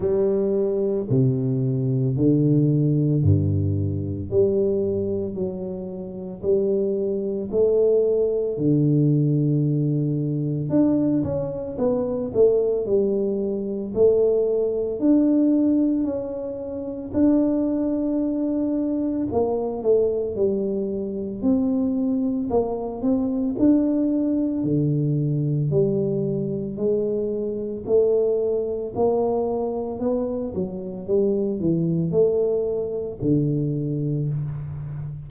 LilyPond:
\new Staff \with { instrumentName = "tuba" } { \time 4/4 \tempo 4 = 56 g4 c4 d4 g,4 | g4 fis4 g4 a4 | d2 d'8 cis'8 b8 a8 | g4 a4 d'4 cis'4 |
d'2 ais8 a8 g4 | c'4 ais8 c'8 d'4 d4 | g4 gis4 a4 ais4 | b8 fis8 g8 e8 a4 d4 | }